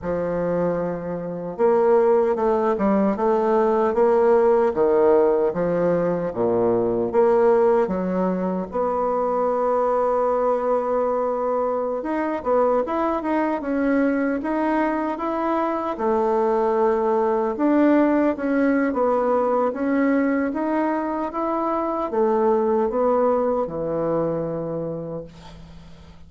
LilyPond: \new Staff \with { instrumentName = "bassoon" } { \time 4/4 \tempo 4 = 76 f2 ais4 a8 g8 | a4 ais4 dis4 f4 | ais,4 ais4 fis4 b4~ | b2.~ b16 dis'8 b16~ |
b16 e'8 dis'8 cis'4 dis'4 e'8.~ | e'16 a2 d'4 cis'8. | b4 cis'4 dis'4 e'4 | a4 b4 e2 | }